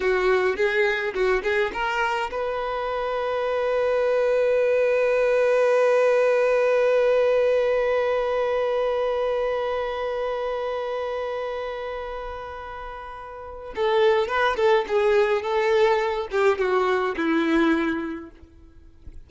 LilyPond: \new Staff \with { instrumentName = "violin" } { \time 4/4 \tempo 4 = 105 fis'4 gis'4 fis'8 gis'8 ais'4 | b'1~ | b'1~ | b'1~ |
b'1~ | b'1 | a'4 b'8 a'8 gis'4 a'4~ | a'8 g'8 fis'4 e'2 | }